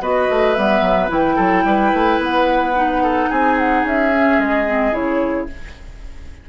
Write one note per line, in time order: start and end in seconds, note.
0.00 0.27 B3
0.00 0.55 F#4
0.00 1.35 B4
0.00 0.54 D#5
0.29 0.56 A3
0.54 0.81 G3
0.54 1.08 B3
0.54 1.09 E5
0.81 1.08 F#3
1.08 1.36 E3
1.08 2.72 E4
1.08 2.21 G5
1.35 1.64 F#3
1.35 1.62 A4
1.64 1.91 G3
1.64 3.03 B4
1.93 2.18 A3
2.18 3.27 B3
2.18 3.31 F#5
2.75 4.11 D#4
3.03 3.29 A4
3.29 3.84 C4
3.29 5.47 G#4
3.29 3.58 G#5
3.58 3.85 F#5
3.84 4.37 C#4
3.84 4.40 E5
4.11 4.66 C#4
4.37 4.92 G#3
4.37 4.94 D#5
4.66 4.92 C4
4.92 5.47 C#3
4.92 5.46 E4
4.92 5.49 C#5